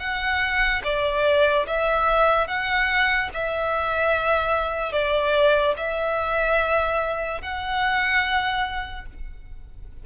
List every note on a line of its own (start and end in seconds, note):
0.00 0.82 F#5
0.84 1.67 D5
1.67 2.48 E5
2.48 3.30 F#5
3.34 4.93 E5
4.93 5.75 D5
5.77 7.42 E5
7.42 9.06 F#5